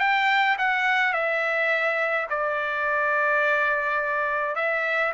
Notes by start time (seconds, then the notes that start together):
0.00 G5
0.59 F#5
1.13 E5
2.30 D5
4.56 E5